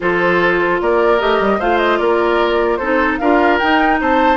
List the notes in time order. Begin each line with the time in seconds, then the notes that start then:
0.00 F3 F4 A4 C5
0.81 A#3 A#4 D5
1.19 A3 G4 D#5
1.40 G3
1.59 A3 F4 C5 F5
1.78 D#5
1.98 A#3 A#4 D5
2.77 C4 D#4 A4 C5
3.17 D4 F4 A#4 F5
3.58 D#4 G5
4.00 C4 C5 A5